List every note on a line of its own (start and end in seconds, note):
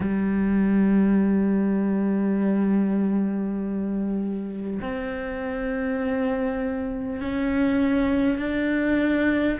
0.00 4.80 G3
4.81 7.20 C4
7.20 8.38 C#4
8.38 9.58 D4